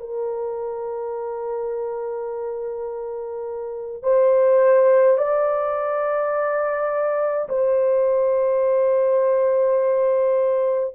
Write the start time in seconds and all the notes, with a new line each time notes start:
0.00 A#4
4.03 C5
5.18 D5
7.49 C5